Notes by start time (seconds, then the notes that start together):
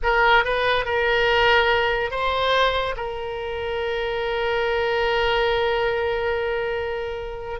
0.02 A#4
0.44 B4
0.85 A#4
2.10 C5
2.96 A#4